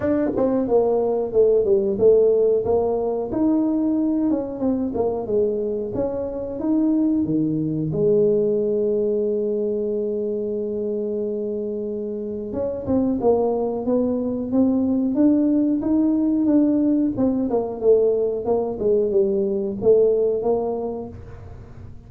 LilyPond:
\new Staff \with { instrumentName = "tuba" } { \time 4/4 \tempo 4 = 91 d'8 c'8 ais4 a8 g8 a4 | ais4 dis'4. cis'8 c'8 ais8 | gis4 cis'4 dis'4 dis4 | gis1~ |
gis2. cis'8 c'8 | ais4 b4 c'4 d'4 | dis'4 d'4 c'8 ais8 a4 | ais8 gis8 g4 a4 ais4 | }